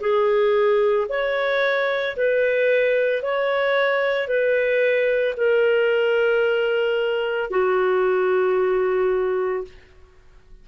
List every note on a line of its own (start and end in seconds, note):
0.00 1.07 G#4
1.09 2.16 C#5
2.16 3.22 B4
3.22 4.28 C#5
4.28 5.35 B4
5.37 7.50 A#4
7.50 9.64 F#4